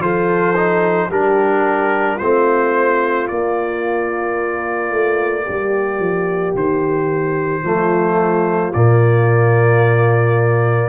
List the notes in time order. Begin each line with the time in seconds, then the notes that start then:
0.00 F3 F4 A4 C5
0.56 D#4
1.10 G3 D4 G4 A#4
2.16 A3 C4 F4 C5
3.28 A#3 D5
4.92 A3
5.45 G3 G4
6.00 F3
6.55 D#3 C5
7.63 F3 A3 F4
8.73 A#2 A#3 D5